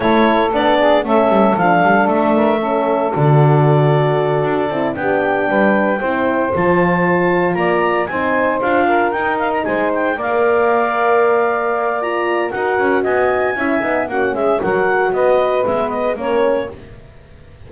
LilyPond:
<<
  \new Staff \with { instrumentName = "clarinet" } { \time 4/4 \tempo 4 = 115 cis''4 d''4 e''4 f''4 | e''2 d''2~ | d''4. g''2~ g''8~ | g''8 a''2 ais''4 gis''8~ |
gis''8 f''4 g''8 f''16 ais''16 gis''8 g''8 f''8~ | f''2. ais''4 | fis''4 gis''2 fis''8 e''8 | fis''4 dis''4 e''8 dis''8 cis''4 | }
  \new Staff \with { instrumentName = "saxophone" } { \time 4/4 a'4. gis'8 a'2~ | a'8 ais'8 a'2.~ | a'4. g'4 b'4 c''8~ | c''2~ c''8 d''4 c''8~ |
c''4 ais'4. c''4 d''8~ | d''1 | ais'4 dis''4 e''4 fis'8 gis'8 | ais'4 b'2 ais'4 | }
  \new Staff \with { instrumentName = "horn" } { \time 4/4 e'4 d'4 cis'4 d'4~ | d'4 cis'4 fis'2~ | fis'4 e'8 d'2 e'8~ | e'8 f'2. dis'8~ |
dis'8 f'4 dis'2 ais'8~ | ais'2. f'4 | fis'2 e'8 dis'8 cis'4 | fis'2 b4 cis'4 | }
  \new Staff \with { instrumentName = "double bass" } { \time 4/4 a4 b4 a8 g8 f8 g8 | a2 d2~ | d8 d'8 c'8 b4 g4 c'8~ | c'8 f2 ais4 c'8~ |
c'8 d'4 dis'4 gis4 ais8~ | ais1 | dis'8 cis'8 b4 cis'8 b8 ais8 gis8 | fis4 b4 gis4 ais4 | }
>>